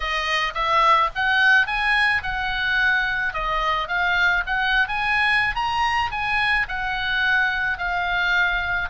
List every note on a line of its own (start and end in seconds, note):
0.00 0.53 D#5
0.54 1.09 E5
1.15 1.67 F#5
1.67 2.22 G#5
2.22 3.33 F#5
3.33 3.88 D#5
3.88 4.43 F5
4.46 4.87 F#5
4.87 5.55 G#5
5.55 6.11 A#5
6.11 6.67 G#5
6.68 7.78 F#5
7.78 8.89 F5